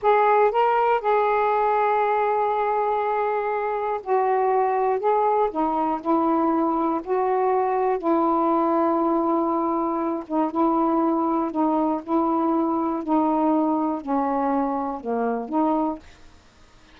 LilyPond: \new Staff \with { instrumentName = "saxophone" } { \time 4/4 \tempo 4 = 120 gis'4 ais'4 gis'2~ | gis'1 | fis'2 gis'4 dis'4 | e'2 fis'2 |
e'1~ | e'8 dis'8 e'2 dis'4 | e'2 dis'2 | cis'2 ais4 dis'4 | }